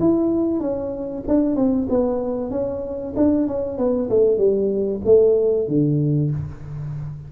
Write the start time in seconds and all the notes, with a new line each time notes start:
0.00 E4
0.60 C#4
1.28 D4
1.56 C4
1.89 B3
2.50 C#4
3.16 D4
3.48 C#4
3.78 B3
4.10 A3
4.38 G3
5.05 A3
5.68 D3